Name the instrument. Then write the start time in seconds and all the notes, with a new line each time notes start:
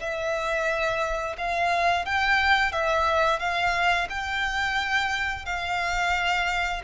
violin
0.00 E5
1.38 F5
2.05 G5
2.72 E5
3.40 F5
4.10 G5
5.45 F5